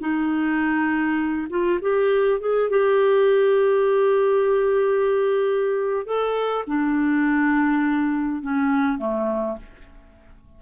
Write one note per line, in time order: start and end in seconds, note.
0.00 1.47 D#4
1.49 1.79 F4
1.81 2.40 G4
2.40 2.69 G#4
2.70 6.05 G4
6.05 6.64 A4
6.67 8.42 D4
8.42 8.98 C#4
8.98 9.57 A3